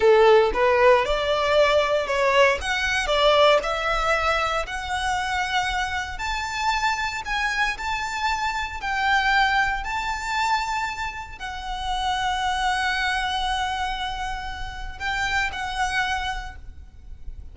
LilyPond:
\new Staff \with { instrumentName = "violin" } { \time 4/4 \tempo 4 = 116 a'4 b'4 d''2 | cis''4 fis''4 d''4 e''4~ | e''4 fis''2. | a''2 gis''4 a''4~ |
a''4 g''2 a''4~ | a''2 fis''2~ | fis''1~ | fis''4 g''4 fis''2 | }